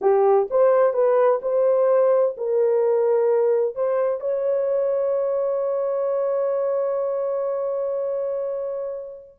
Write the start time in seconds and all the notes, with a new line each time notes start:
0.01 G4
0.50 C5
0.93 B4
1.42 C5
2.37 A#4
3.75 C5
4.20 C#5